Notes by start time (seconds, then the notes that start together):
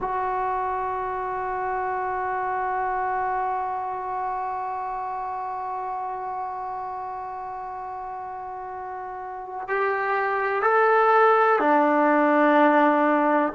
0.00 F#4
9.68 G4
10.62 A4
11.59 D4